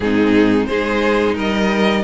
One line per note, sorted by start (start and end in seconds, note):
0.00 0.68 G#2
0.00 0.71 C4
0.00 0.69 D#4
0.00 0.66 G#4
0.66 1.36 G#3
0.66 2.04 D#4
0.66 1.35 G#4
0.66 1.34 C5
1.35 2.04 G3
1.35 2.03 A#4
1.35 2.04 D#5